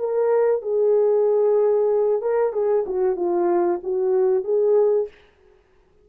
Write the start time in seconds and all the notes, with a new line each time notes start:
0.00 A#4
0.63 G#4
2.22 A#4
2.53 G#4
2.87 F#4
3.17 F4
3.84 F#4
4.45 G#4